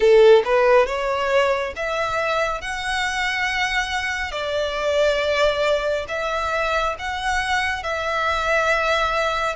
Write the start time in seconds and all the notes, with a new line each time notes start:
0.00 A4
0.44 B4
0.86 C#5
1.76 E5
2.61 F#5
4.31 D5
6.08 E5
6.98 F#5
7.83 E5